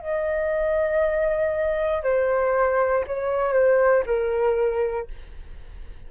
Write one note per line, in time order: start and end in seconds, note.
0.00 2.03 D#5
2.03 3.05 C5
3.07 3.53 C#5
3.53 4.04 C5
4.06 5.08 A#4